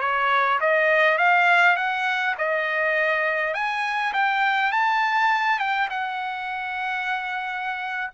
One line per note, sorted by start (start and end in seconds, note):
0.00 0.59 C#5
0.60 1.18 D#5
1.18 1.76 F5
1.76 2.35 F#5
2.38 3.54 D#5
3.54 4.13 G#5
4.13 4.72 G5
4.72 5.59 A5
5.59 5.88 G5
5.90 8.10 F#5